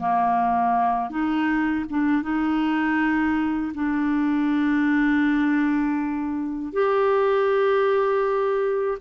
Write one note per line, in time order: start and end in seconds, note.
0.00 1.10 A#3
1.10 1.85 D#4
1.90 2.23 D4
2.23 3.73 D#4
3.75 6.73 D4
6.73 8.98 G4